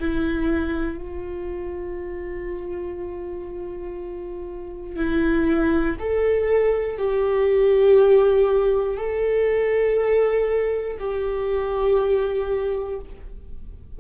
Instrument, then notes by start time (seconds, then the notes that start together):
viola
0.00 E4
0.98 F4
4.96 E4
5.99 A4
6.98 G4
8.97 A4
11.00 G4